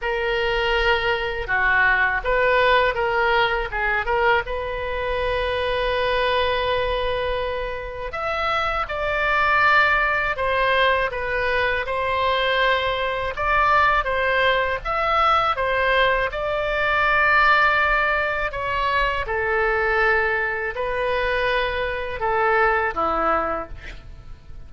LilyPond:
\new Staff \with { instrumentName = "oboe" } { \time 4/4 \tempo 4 = 81 ais'2 fis'4 b'4 | ais'4 gis'8 ais'8 b'2~ | b'2. e''4 | d''2 c''4 b'4 |
c''2 d''4 c''4 | e''4 c''4 d''2~ | d''4 cis''4 a'2 | b'2 a'4 e'4 | }